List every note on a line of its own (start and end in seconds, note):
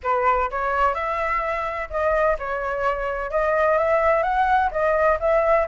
0.03 0.50 B4
0.51 0.94 C#5
0.94 1.89 E5
1.90 2.37 D#5
2.38 3.30 C#5
3.30 3.78 D#5
3.78 4.22 E5
4.22 4.70 F#5
4.71 5.18 D#5
5.20 5.67 E5